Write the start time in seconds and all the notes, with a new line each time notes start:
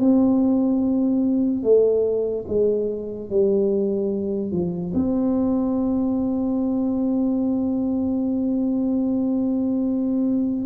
0.00 C4
1.64 A3
2.48 G#3
3.30 G3
4.52 F3
4.95 C4